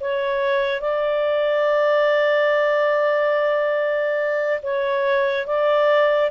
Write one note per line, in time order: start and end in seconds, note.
0.00 0.81 C#5
0.81 4.61 D5
4.62 5.47 C#5
5.47 6.30 D5